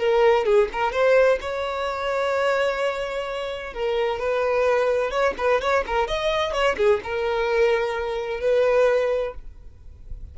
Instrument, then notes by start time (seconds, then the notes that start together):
violin
0.00 A#4
0.45 G#4
0.73 A#4
0.92 C5
1.41 C#5
3.74 A#4
4.19 B4
5.11 C#5
5.38 B4
5.61 C#5
5.87 A#4
6.08 D#5
6.53 C#5
6.77 G#4
7.04 A#4
8.41 B4